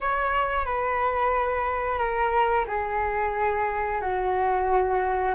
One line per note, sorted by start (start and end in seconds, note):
0.00 0.65 C#5
0.65 1.98 B4
1.98 2.65 A#4
2.67 4.01 G#4
4.01 5.34 F#4